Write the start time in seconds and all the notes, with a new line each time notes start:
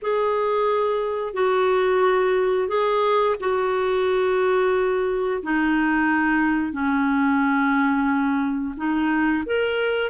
0.02 G#4
1.33 F#4
2.68 G#4
3.40 F#4
5.42 D#4
6.72 C#4
8.76 D#4
9.45 A#4